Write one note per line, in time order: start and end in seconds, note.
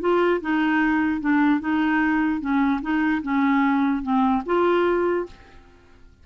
0.00 0.40 F4
0.41 1.20 D#4
1.20 1.60 D4
1.60 2.40 D#4
2.40 2.80 C#4
2.81 3.22 D#4
3.22 4.02 C#4
4.02 4.42 C4
4.46 5.26 F4